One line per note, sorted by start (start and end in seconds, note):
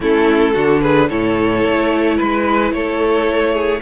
0.00 0.53 A3
0.00 0.55 C#4
0.00 0.53 E4
0.00 0.81 A4
0.53 1.10 D3
0.53 1.10 D4
0.53 0.81 F#4
0.81 1.09 G#4
0.81 1.08 B4
1.09 1.64 A2
1.09 3.81 E4
1.09 2.16 A4
1.09 2.18 C#5
1.64 2.19 A3
2.16 2.71 G#3
2.16 2.71 B4
2.16 2.72 B4
2.71 3.81 A3
2.71 3.53 A4
2.71 3.81 C#5
3.53 3.81 G#4